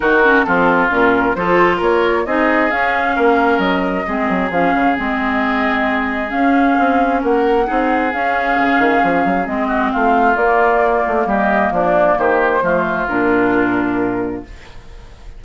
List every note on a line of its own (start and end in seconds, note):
0.00 0.45 D#3
0.00 0.22 D#4
0.00 0.45 F#4
0.00 0.43 A#4
0.23 0.44 C#4
0.43 0.90 F3
0.43 0.89 C4
0.43 1.36 F4
0.43 0.88 A4
0.89 1.35 A#2
0.89 1.34 C#4
0.89 1.35 A#4
1.35 1.80 F3
1.35 2.26 F4
1.35 1.77 A4
1.35 1.80 C5
1.77 2.25 A#3
1.77 2.22 A#4
1.77 2.25 C#5
2.25 2.71 C4
2.25 2.70 D#4
2.25 3.15 G#4
2.25 2.70 D#5
2.70 4.05 C#4
2.70 3.16 C#4
2.70 3.59 F5
3.15 3.58 A#3
3.15 4.06 A#4
3.58 4.03 F#3
3.58 4.49 D#5
4.06 4.29 G#3
4.06 4.51 C4
4.06 7.20 G#4
4.29 4.50 F#3
4.50 4.72 F3
4.50 4.96 C#4
4.50 4.97 F5
4.74 4.97 C#3
4.96 6.32 G#3
4.96 6.28 C4
4.96 6.30 D#5
6.28 7.64 C#4
6.28 6.77 C#4
6.28 7.20 F5
6.78 7.23 C4
7.20 7.68 A#3
7.20 7.66 A#4
7.20 8.12 F#5
7.65 8.13 C4
7.65 8.10 D#4
7.65 9.67 G#4
8.12 9.45 C#4
8.12 8.58 C#4
8.12 9.46 F5
8.58 8.78 C#3
8.78 9.01 D#3
9.03 9.24 F3
9.24 9.46 F#3
9.45 9.91 G#3
9.45 10.36 C4
9.45 9.91 D#5
9.67 9.90 F#4
9.92 10.36 A3
9.92 11.27 F4
9.92 10.36 F5
10.36 11.03 A#3
10.36 12.62 A#3
10.36 11.26 D5
11.07 11.26 A3
11.26 11.71 G3
11.26 11.72 G4
11.26 11.73 D#5
11.71 12.16 F3
11.71 12.18 D4
11.71 12.18 D5
12.18 12.61 D#3
12.18 12.63 G4
12.18 13.07 C5
12.61 13.07 F3
12.61 13.07 A3
12.61 14.44 F4
13.07 14.43 A#2
13.07 14.44 D4
13.07 14.43 A#4